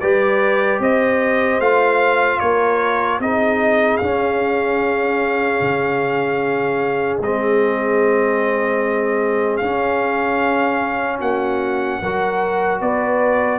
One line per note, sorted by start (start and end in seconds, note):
0.00 0.79 G3
0.00 1.61 G4
0.00 0.81 B4
0.00 0.80 D5
0.79 1.59 C4
0.79 2.41 C5
0.79 1.60 D#5
1.59 2.39 A3
1.59 3.21 F4
1.59 2.39 F5
2.39 3.19 A#3
2.39 3.22 A#4
2.39 3.19 C#5
3.19 3.99 C4
3.19 4.02 D#4
3.19 11.18 G#4
3.19 3.97 D#5
3.97 5.60 C#4
3.97 7.22 C#4
3.97 7.17 F5
5.60 7.20 C#3
7.20 9.60 G#3
7.20 9.62 C4
7.20 9.57 D#5
9.57 11.21 C#4
9.57 12.02 C#4
9.57 11.17 F5
11.18 12.01 A#3
11.18 11.98 F#4
11.18 12.81 F#5
12.01 12.81 F#3
12.01 13.59 F#4
12.01 12.80 A#4
12.80 13.59 B3
12.80 13.59 B4
12.80 13.59 D5